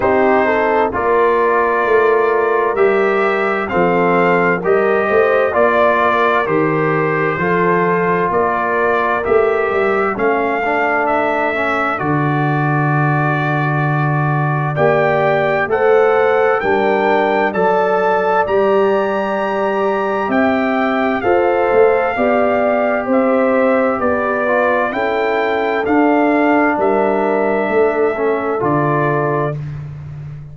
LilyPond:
<<
  \new Staff \with { instrumentName = "trumpet" } { \time 4/4 \tempo 4 = 65 c''4 d''2 e''4 | f''4 dis''4 d''4 c''4~ | c''4 d''4 e''4 f''4 | e''4 d''2. |
g''4 fis''4 g''4 a''4 | ais''2 g''4 f''4~ | f''4 e''4 d''4 g''4 | f''4 e''2 d''4 | }
  \new Staff \with { instrumentName = "horn" } { \time 4/4 g'8 a'8 ais'2. | a'4 ais'8 c''8 d''8 ais'4. | a'4 ais'2 a'4~ | a'1 |
d''4 c''4 ais'4 d''4~ | d''2 e''4 c''4 | d''4 c''4 b'4 a'4~ | a'4 ais'4 a'2 | }
  \new Staff \with { instrumentName = "trombone" } { \time 4/4 dis'4 f'2 g'4 | c'4 g'4 f'4 g'4 | f'2 g'4 cis'8 d'8~ | d'8 cis'8 fis'2. |
g'4 a'4 d'4 a'4 | g'2. a'4 | g'2~ g'8 f'8 e'4 | d'2~ d'8 cis'8 f'4 | }
  \new Staff \with { instrumentName = "tuba" } { \time 4/4 c'4 ais4 a4 g4 | f4 g8 a8 ais4 dis4 | f4 ais4 a8 g8 a4~ | a4 d2. |
ais4 a4 g4 fis4 | g2 c'4 f'8 a8 | b4 c'4 b4 cis'4 | d'4 g4 a4 d4 | }
>>